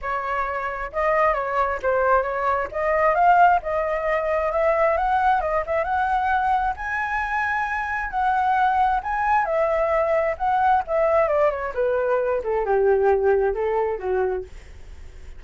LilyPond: \new Staff \with { instrumentName = "flute" } { \time 4/4 \tempo 4 = 133 cis''2 dis''4 cis''4 | c''4 cis''4 dis''4 f''4 | dis''2 e''4 fis''4 | dis''8 e''8 fis''2 gis''4~ |
gis''2 fis''2 | gis''4 e''2 fis''4 | e''4 d''8 cis''8 b'4. a'8 | g'2 a'4 fis'4 | }